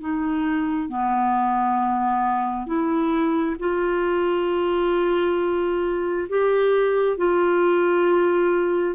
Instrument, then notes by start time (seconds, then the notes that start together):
clarinet
0.00 D#4
0.89 B3
2.66 E4
3.59 F4
6.29 G4
7.17 F4